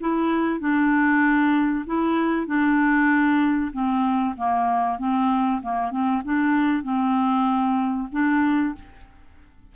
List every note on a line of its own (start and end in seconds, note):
0.00 0.60 E4
0.60 1.85 D4
1.86 2.47 E4
2.47 3.72 D4
3.72 4.35 C4
4.37 4.99 A#3
4.99 5.61 C4
5.62 5.91 A#3
5.91 6.22 C4
6.25 6.83 D4
6.83 8.08 C4
8.12 8.74 D4